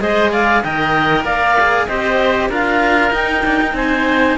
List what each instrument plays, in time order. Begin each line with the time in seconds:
0.00 cello G#3 G#4, oboe C5, clarinet D#5
0.31 oboe D5, clarinet F5
0.63 cello D#3 A#4, oboe D#5, clarinet G5
1.24 cello A#3, oboe D5, clarinet F5
1.60 cello G#4
1.87 cello C4 G4, oboe C5, clarinet D#5
2.49 cello D4 F4, oboe A#4, clarinet F5
3.10 cello D#4, clarinet G5
3.45 cello D4
3.61 cello D#4
3.73 cello C4, oboe C5, clarinet G#5